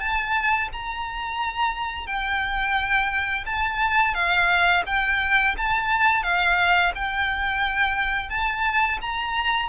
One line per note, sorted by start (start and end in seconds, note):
0.00 0.69 A5
0.73 2.07 A#5
2.07 3.45 G5
3.46 4.14 A5
4.14 4.83 F5
4.87 5.55 G5
5.58 6.24 A5
6.24 6.92 F5
6.95 8.30 G5
8.30 8.99 A5
9.02 9.69 A#5